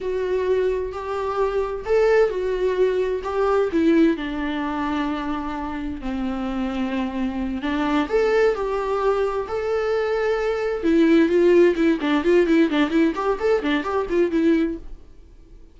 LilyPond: \new Staff \with { instrumentName = "viola" } { \time 4/4 \tempo 4 = 130 fis'2 g'2 | a'4 fis'2 g'4 | e'4 d'2.~ | d'4 c'2.~ |
c'8 d'4 a'4 g'4.~ | g'8 a'2. e'8~ | e'8 f'4 e'8 d'8 f'8 e'8 d'8 | e'8 g'8 a'8 d'8 g'8 f'8 e'4 | }